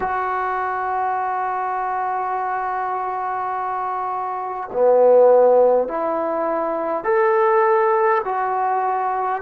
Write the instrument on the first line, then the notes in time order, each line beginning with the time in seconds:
trombone
0.00 F#4
4.72 B3
5.88 E4
7.04 A4
8.24 F#4